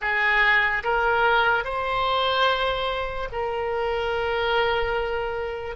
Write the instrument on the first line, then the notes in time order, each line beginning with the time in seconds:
oboe
0.01 G#4
0.83 A#4
1.64 C5
3.31 A#4